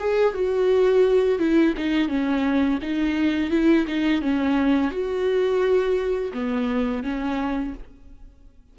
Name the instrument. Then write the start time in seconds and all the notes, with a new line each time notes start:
viola
0.00 G#4
0.34 F#4
1.39 E4
1.77 D#4
2.09 C#4
2.82 D#4
3.51 E4
3.87 D#4
4.22 C#4
4.91 F#4
6.33 B3
7.03 C#4